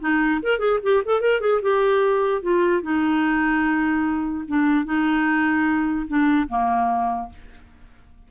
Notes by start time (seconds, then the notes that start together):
0.00 D#4
0.42 A#4
0.59 G#4
0.83 G4
1.05 A4
1.21 A#4
1.41 G#4
1.62 G4
2.42 F4
2.83 D#4
4.48 D4
4.85 D#4
6.08 D4
6.48 A#3